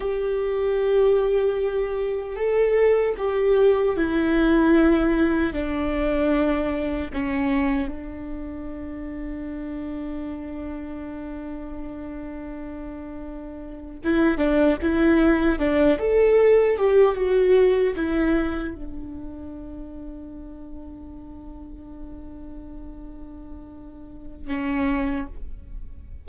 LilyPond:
\new Staff \with { instrumentName = "viola" } { \time 4/4 \tempo 4 = 76 g'2. a'4 | g'4 e'2 d'4~ | d'4 cis'4 d'2~ | d'1~ |
d'4.~ d'16 e'8 d'8 e'4 d'16~ | d'16 a'4 g'8 fis'4 e'4 d'16~ | d'1~ | d'2. cis'4 | }